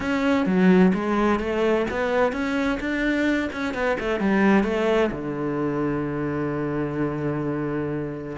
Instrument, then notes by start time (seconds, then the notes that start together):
cello
0.00 C#4
0.45 F#3
0.94 G#3
1.39 A3
1.90 B3
2.32 C#4
2.79 D4
3.52 C#4
3.74 B3
3.99 A3
4.19 G3
4.63 A3
5.11 D3